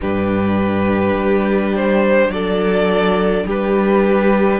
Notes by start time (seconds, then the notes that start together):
0.00 G2 D4 G4 B4
1.15 G3
1.75 C5
2.28 F#3 A4 D5
3.45 G3 G4 B4